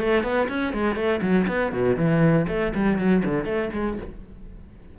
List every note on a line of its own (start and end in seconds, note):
0.00 0.23 A3
0.23 0.48 B3
0.48 0.73 C#4
0.73 0.96 G#3
0.96 1.21 A3
1.21 1.46 F#3
1.47 1.72 B3
1.72 1.97 B2
1.97 2.47 E3
2.48 2.73 A3
2.75 2.98 G3
2.98 3.23 F#3
3.25 3.45 D3
3.45 3.70 A3
3.73 3.98 G#3